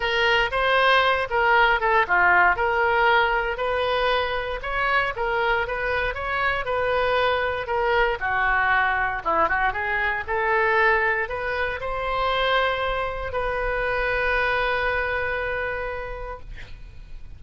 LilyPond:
\new Staff \with { instrumentName = "oboe" } { \time 4/4 \tempo 4 = 117 ais'4 c''4. ais'4 a'8 | f'4 ais'2 b'4~ | b'4 cis''4 ais'4 b'4 | cis''4 b'2 ais'4 |
fis'2 e'8 fis'8 gis'4 | a'2 b'4 c''4~ | c''2 b'2~ | b'1 | }